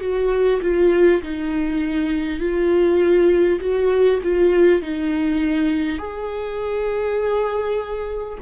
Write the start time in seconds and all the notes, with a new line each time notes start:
0.00 F#4
0.62 F4
1.22 D#4
2.39 F4
3.60 F#4
4.22 F4
4.82 D#4
5.98 G#4